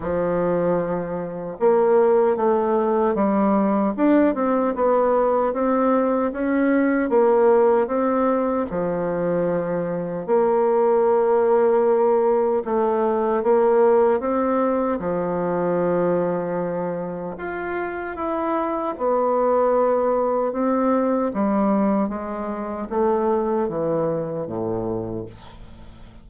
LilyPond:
\new Staff \with { instrumentName = "bassoon" } { \time 4/4 \tempo 4 = 76 f2 ais4 a4 | g4 d'8 c'8 b4 c'4 | cis'4 ais4 c'4 f4~ | f4 ais2. |
a4 ais4 c'4 f4~ | f2 f'4 e'4 | b2 c'4 g4 | gis4 a4 e4 a,4 | }